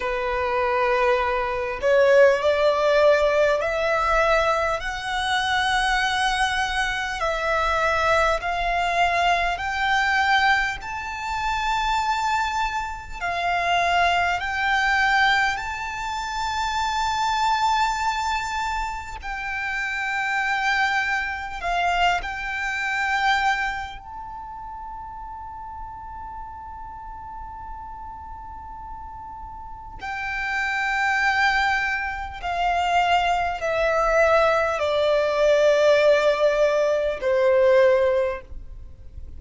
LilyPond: \new Staff \with { instrumentName = "violin" } { \time 4/4 \tempo 4 = 50 b'4. cis''8 d''4 e''4 | fis''2 e''4 f''4 | g''4 a''2 f''4 | g''4 a''2. |
g''2 f''8 g''4. | a''1~ | a''4 g''2 f''4 | e''4 d''2 c''4 | }